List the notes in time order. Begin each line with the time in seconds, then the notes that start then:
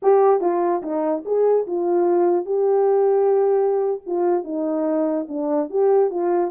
0.02 G4
0.40 F4
0.82 D#4
1.25 G#4
1.67 F4
2.45 G4
4.06 F4
4.44 D#4
5.28 D4
5.70 G4
6.10 F4